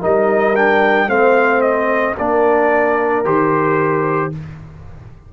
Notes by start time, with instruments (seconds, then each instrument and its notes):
0.00 tuba G3, trombone D#4, horn A#4, trumpet D#5
0.56 trombone D4, trumpet G5
1.07 tuba A3, trombone C4, horn C5, trumpet F5
1.61 trumpet D#5
2.17 tuba A#3, trombone D4, horn A#4, trumpet D5
3.24 tuba D#3, trombone G4, trumpet C5